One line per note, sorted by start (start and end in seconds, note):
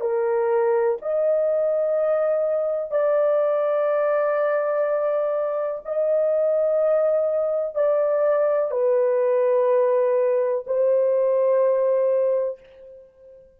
0.00 0.97 A#4
1.02 2.90 D#5
2.90 5.81 D5
5.85 7.75 D#5
7.75 8.71 D5
8.71 10.64 B4
10.66 12.60 C5